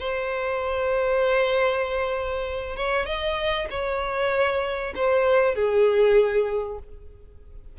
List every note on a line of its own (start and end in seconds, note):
0.00 2.76 C5
2.76 3.06 C#5
3.06 3.68 D#5
3.70 4.94 C#5
4.95 5.55 C5
5.55 6.79 G#4